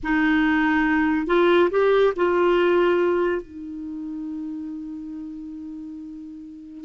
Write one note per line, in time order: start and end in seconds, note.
0.03 1.26 D#4
1.26 1.69 F4
1.70 2.13 G4
2.16 3.42 F4
3.42 6.84 D#4